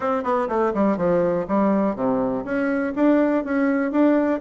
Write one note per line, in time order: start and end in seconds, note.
0.00 0.23 C4
0.23 0.48 B3
0.48 0.72 A3
0.74 0.97 G3
0.97 1.46 F3
1.48 1.95 G3
1.95 2.44 C3
2.44 2.93 C#4
2.95 3.44 D4
3.44 3.91 C#4
3.91 4.40 D4